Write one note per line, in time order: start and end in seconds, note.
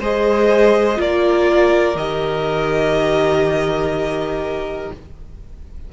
0.00 0.98 G#3
0.00 0.96 G#4
0.00 0.99 C5
0.00 1.01 D#5
0.96 1.95 A#3
0.96 1.95 F4
0.96 4.93 A#4
0.96 1.97 D5
1.95 4.90 D#3
1.95 4.93 G4
1.95 4.92 D#5